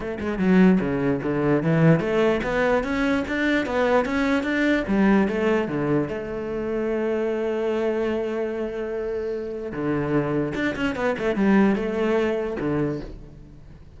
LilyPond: \new Staff \with { instrumentName = "cello" } { \time 4/4 \tempo 4 = 148 a8 gis8 fis4 cis4 d4 | e4 a4 b4 cis'4 | d'4 b4 cis'4 d'4 | g4 a4 d4 a4~ |
a1~ | a1 | d2 d'8 cis'8 b8 a8 | g4 a2 d4 | }